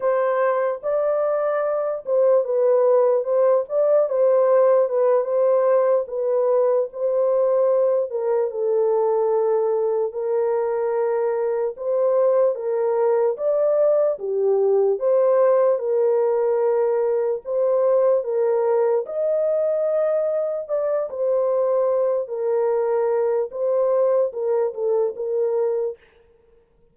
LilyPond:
\new Staff \with { instrumentName = "horn" } { \time 4/4 \tempo 4 = 74 c''4 d''4. c''8 b'4 | c''8 d''8 c''4 b'8 c''4 b'8~ | b'8 c''4. ais'8 a'4.~ | a'8 ais'2 c''4 ais'8~ |
ais'8 d''4 g'4 c''4 ais'8~ | ais'4. c''4 ais'4 dis''8~ | dis''4. d''8 c''4. ais'8~ | ais'4 c''4 ais'8 a'8 ais'4 | }